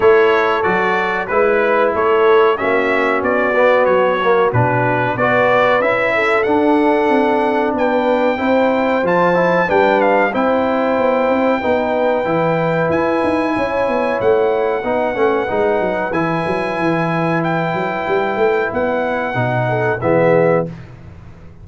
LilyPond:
<<
  \new Staff \with { instrumentName = "trumpet" } { \time 4/4 \tempo 4 = 93 cis''4 d''4 b'4 cis''4 | e''4 d''4 cis''4 b'4 | d''4 e''4 fis''2 | g''2 a''4 g''8 f''8 |
g''1 | gis''2 fis''2~ | fis''4 gis''2 g''4~ | g''4 fis''2 e''4 | }
  \new Staff \with { instrumentName = "horn" } { \time 4/4 a'2 b'4 a'4 | fis'1 | b'4. a'2~ a'8 | b'4 c''2 b'4 |
c''2 b'2~ | b'4 cis''2 b'4~ | b'1~ | b'2~ b'8 a'8 gis'4 | }
  \new Staff \with { instrumentName = "trombone" } { \time 4/4 e'4 fis'4 e'2 | cis'4. b4 ais8 d'4 | fis'4 e'4 d'2~ | d'4 e'4 f'8 e'8 d'4 |
e'2 dis'4 e'4~ | e'2. dis'8 cis'8 | dis'4 e'2.~ | e'2 dis'4 b4 | }
  \new Staff \with { instrumentName = "tuba" } { \time 4/4 a4 fis4 gis4 a4 | ais4 b4 fis4 b,4 | b4 cis'4 d'4 c'4 | b4 c'4 f4 g4 |
c'4 b8 c'8 b4 e4 | e'8 dis'8 cis'8 b8 a4 b8 a8 | gis8 fis8 e8 fis8 e4. fis8 | g8 a8 b4 b,4 e4 | }
>>